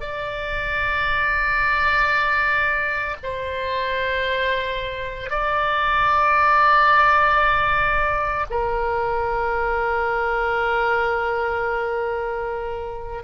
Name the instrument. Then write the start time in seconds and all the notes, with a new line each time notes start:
oboe
0.00 D5
3.23 C5
5.30 D5
8.50 A#4